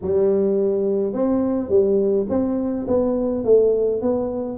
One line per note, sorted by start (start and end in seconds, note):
0.01 1.13 G3
1.13 1.69 C4
1.69 2.26 G3
2.29 2.86 C4
2.87 3.44 B3
3.44 4.01 A3
4.01 4.58 B3